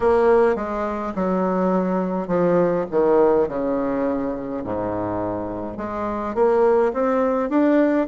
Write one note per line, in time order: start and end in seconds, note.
0.00 0.55 A#3
0.55 1.13 G#3
1.15 2.27 F#3
2.27 2.85 F3
2.91 3.48 D#3
3.48 4.63 C#3
4.64 5.77 G#2
5.77 6.35 G#3
6.35 6.92 A#3
6.93 7.49 C4
7.49 8.07 D4